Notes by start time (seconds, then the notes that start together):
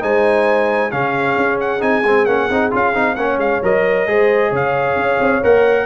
0.00 G#3 D#4 C5 G#5
0.91 C#3 C#4 G#4 F5
1.36 C#4
1.60 F#5
1.79 C4 D#4 G#5
2.03 G#3 C4
2.25 A#3 C#4 F#5
2.50 C4 D#4
2.71 C#4 F4 F5
2.94 C4 D#4
3.15 A#3 C#4 C#5 F#5
3.38 G#3 F5
3.62 F#3 A#4 D#5
4.06 G#3 G#4 C5
4.50 C#3 C#5 F5
4.96 C#4
5.19 C4
5.43 A#3 A#4 F#5